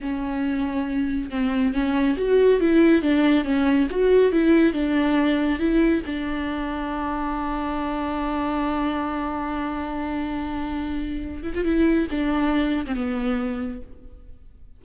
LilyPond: \new Staff \with { instrumentName = "viola" } { \time 4/4 \tempo 4 = 139 cis'2. c'4 | cis'4 fis'4 e'4 d'4 | cis'4 fis'4 e'4 d'4~ | d'4 e'4 d'2~ |
d'1~ | d'1~ | d'2~ d'8 e'16 f'16 e'4 | d'4.~ d'16 c'16 b2 | }